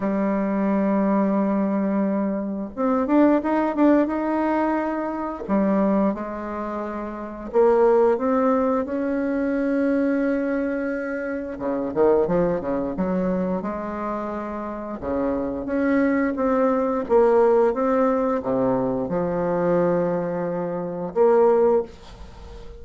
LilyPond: \new Staff \with { instrumentName = "bassoon" } { \time 4/4 \tempo 4 = 88 g1 | c'8 d'8 dis'8 d'8 dis'2 | g4 gis2 ais4 | c'4 cis'2.~ |
cis'4 cis8 dis8 f8 cis8 fis4 | gis2 cis4 cis'4 | c'4 ais4 c'4 c4 | f2. ais4 | }